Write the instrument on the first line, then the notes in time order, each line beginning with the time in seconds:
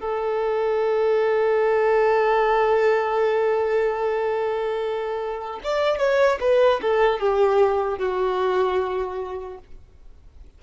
violin
0.00 A4
5.63 D5
5.98 C#5
6.40 B4
6.81 A4
7.19 G4
7.98 F#4